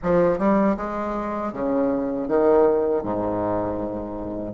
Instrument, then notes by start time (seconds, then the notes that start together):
bassoon
0.02 F3
0.38 G3
0.76 G#3
1.52 C#3
2.28 D#3
3.02 G#2